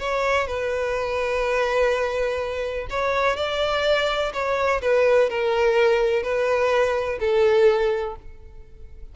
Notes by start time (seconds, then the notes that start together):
0.00 C#5
0.48 B4
2.90 C#5
3.37 D5
4.33 C#5
4.82 B4
5.30 A#4
6.23 B4
7.20 A4